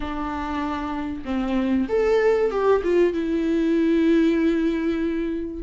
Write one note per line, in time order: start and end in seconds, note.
0.00 1.23 D4
1.24 1.87 C4
1.89 2.50 A4
2.50 2.82 G4
2.83 3.13 F4
3.13 5.63 E4